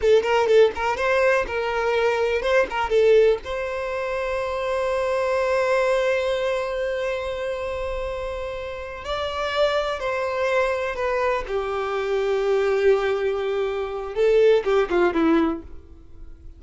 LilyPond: \new Staff \with { instrumentName = "violin" } { \time 4/4 \tempo 4 = 123 a'8 ais'8 a'8 ais'8 c''4 ais'4~ | ais'4 c''8 ais'8 a'4 c''4~ | c''1~ | c''1~ |
c''2~ c''8 d''4.~ | d''8 c''2 b'4 g'8~ | g'1~ | g'4 a'4 g'8 f'8 e'4 | }